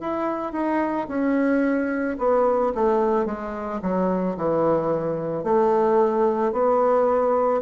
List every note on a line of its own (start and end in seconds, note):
0.00 0.52 E4
0.52 1.07 D#4
1.08 2.17 C#4
2.18 2.73 B3
2.74 3.25 A3
3.25 3.80 G#3
3.82 4.36 F#3
4.36 5.43 E3
5.43 6.52 A3
6.52 7.61 B3